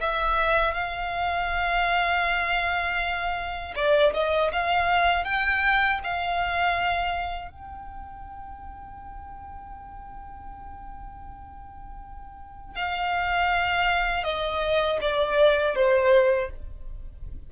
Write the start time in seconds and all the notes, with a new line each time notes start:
0.00 E5
0.74 F5
3.75 D5
4.13 D#5
4.52 F5
5.24 G5
6.03 F5
7.50 G5
12.75 F5
14.23 D#5
15.01 D5
15.75 C5